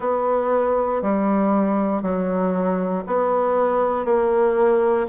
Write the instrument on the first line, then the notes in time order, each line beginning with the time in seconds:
bassoon
0.00 B3
1.02 G3
2.02 F#3
3.06 B3
4.05 A#3